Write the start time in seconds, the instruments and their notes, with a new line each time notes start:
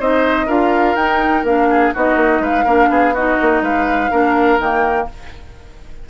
0.00 bassoon C4, clarinet D#4, oboe C5, flute D#5
0.47 bassoon D4, clarinet F4, oboe A#4, flute F5
0.96 bassoon D#4, clarinet D#4, flute G5
1.44 bassoon A#3, clarinet D4, flute F5
1.70 oboe G#4
1.94 bassoon B3, clarinet D#4, oboe F#4, flute D#5
2.16 bassoon A#3
2.40 bassoon G#3, oboe B4, flute F5
2.65 bassoon A#3, clarinet D4, oboe A#4
2.89 bassoon B3, oboe G#4
3.14 clarinet D#4, oboe F#4, flute D#5
3.42 bassoon A#3
3.62 bassoon G#3, oboe B4, flute F5
4.11 bassoon A#3, clarinet D4, oboe A#4
4.59 bassoon D#3, clarinet A#3, flute G5